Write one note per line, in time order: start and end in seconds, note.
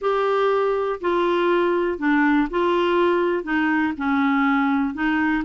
0.01 1.00 G4
1.01 1.98 F4
1.98 2.47 D4
2.50 3.43 F4
3.43 3.93 D#4
3.97 4.94 C#4
4.94 5.43 D#4